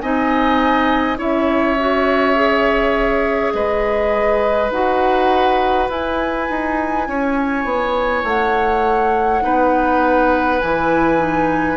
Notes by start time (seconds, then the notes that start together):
0.00 C4 D#4 D#5 G#5
1.17 C#4 E4 C#5 E5
1.79 F#4
2.35 G#4
3.53 G#3 B4 D#5
4.71 D#4 F#4 F#5
5.89 E4 G#5
6.50 D#4
7.08 C#4 C#5
7.64 B3
8.24 A3 F#5
9.42 B3 D#4 B4
10.60 E3 E4 G#5
11.18 D#4